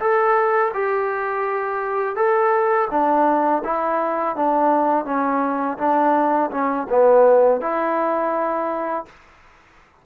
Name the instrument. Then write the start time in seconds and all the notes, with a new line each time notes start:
trombone
0.00 A4
0.74 G4
2.16 A4
2.91 D4
3.64 E4
4.36 D4
5.05 C#4
5.78 D4
6.51 C#4
6.90 B3
7.61 E4